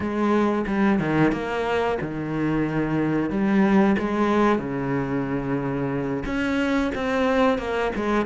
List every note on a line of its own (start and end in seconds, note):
0.00 0.65 G#3
0.66 0.99 G3
0.99 1.32 D#3
1.32 1.98 A#3
2.01 3.30 D#3
3.30 3.96 G3
3.98 4.58 G#3
4.58 6.23 C#3
6.25 6.91 C#4
6.94 7.58 C4
7.58 7.91 A#3
7.95 8.25 G#3